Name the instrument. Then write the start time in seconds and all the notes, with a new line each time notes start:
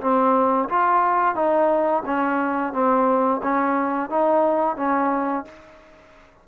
trombone
0.00 C4
0.68 F4
1.35 D#4
2.05 C#4
2.72 C4
3.43 C#4
4.09 D#4
4.76 C#4